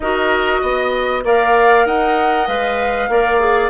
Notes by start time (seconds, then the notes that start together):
0.00 D#4 F#4 A#4 D#5
0.61 B3 D#5
1.24 A#3 A#4 D5 F5
1.85 D#4 D#5 F#5
2.47 G#3 B4 F5
3.08 A#3 A#4 D5
3.39 G#4